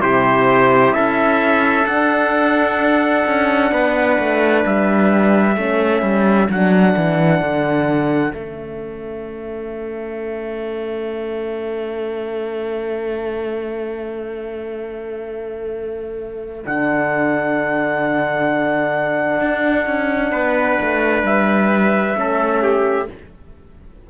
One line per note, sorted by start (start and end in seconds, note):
0.00 0.94 C3
0.00 1.85 E4
0.00 0.95 G4
0.00 0.93 C5
0.93 1.86 C#4
0.93 3.72 A4
0.93 1.85 E5
1.86 3.24 D4
1.86 5.55 D4
1.86 4.63 F#5
3.26 3.72 C#4
3.72 4.18 B3
3.72 5.56 B4
4.19 4.65 A3
4.65 5.56 G3
4.65 6.50 E5
5.56 6.02 A3
5.56 6.50 C#4
5.56 20.31 A4
6.02 6.48 G3
6.49 6.95 F#3
6.49 8.32 D4
6.49 8.34 F#5
6.96 7.41 E3
7.41 8.33 D3
8.32 16.65 A3
8.32 16.63 C#4
8.32 16.65 E5
16.65 19.40 D3
16.65 22.15 D4
16.65 21.25 F#5
19.40 19.86 D4
19.87 20.32 C#4
20.31 20.78 B3
20.31 22.16 B4
20.81 21.23 A3
21.23 22.15 G3
21.23 23.10 E5
22.15 23.08 A3
22.15 23.08 C#4
22.15 22.62 A4
22.62 23.09 G4